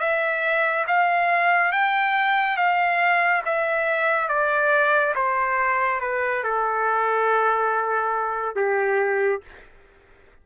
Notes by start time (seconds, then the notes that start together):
0.00 E5
0.87 F5
1.72 G5
2.57 F5
3.46 E5
4.29 D5
5.16 C5
6.01 B4
6.44 A4
8.56 G4